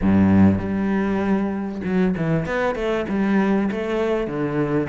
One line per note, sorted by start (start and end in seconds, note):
0.01 0.58 G2
0.58 1.81 G3
1.84 2.15 F#3
2.16 2.46 E3
2.46 2.75 B3
2.75 3.05 A3
3.08 3.70 G3
3.71 4.27 A3
4.27 4.88 D3